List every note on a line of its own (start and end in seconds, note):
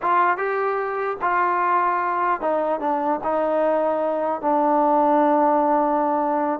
0.02 0.37 F4
0.37 1.17 G4
1.21 2.40 F4
2.40 2.80 D#4
2.80 3.20 D4
3.23 4.41 D#4
4.41 6.60 D4